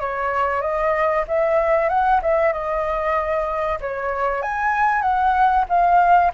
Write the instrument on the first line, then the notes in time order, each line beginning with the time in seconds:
flute
0.00 C#5
0.61 D#5
1.27 E5
1.89 F#5
2.22 E5
2.53 D#5
3.80 C#5
4.42 G#5
5.02 F#5
5.69 F5